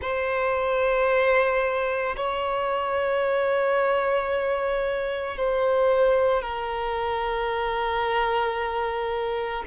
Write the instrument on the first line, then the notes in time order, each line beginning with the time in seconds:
violin
0.01 C5
2.16 C#5
5.37 C5
6.42 A#4